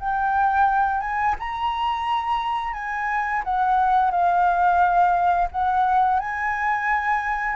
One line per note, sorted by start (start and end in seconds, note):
0.00 1.01 G5
1.01 1.35 G#5
1.39 2.73 A#5
2.73 3.42 G#5
3.44 4.11 F#5
4.11 5.49 F5
5.51 6.20 F#5
6.20 7.56 G#5